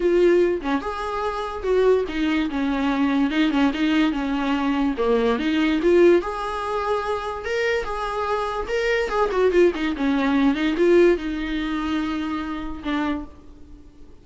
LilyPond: \new Staff \with { instrumentName = "viola" } { \time 4/4 \tempo 4 = 145 f'4. cis'8 gis'2 | fis'4 dis'4 cis'2 | dis'8 cis'8 dis'4 cis'2 | ais4 dis'4 f'4 gis'4~ |
gis'2 ais'4 gis'4~ | gis'4 ais'4 gis'8 fis'8 f'8 dis'8 | cis'4. dis'8 f'4 dis'4~ | dis'2. d'4 | }